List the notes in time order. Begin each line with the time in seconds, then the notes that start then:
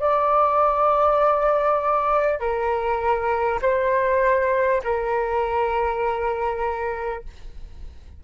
0.00 D5
2.40 A#4
3.62 C5
4.84 A#4